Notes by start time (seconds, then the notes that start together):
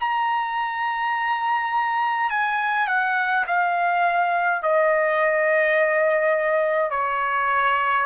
0.00 A#5
2.30 G#5
2.87 F#5
3.47 F5
4.63 D#5
6.91 C#5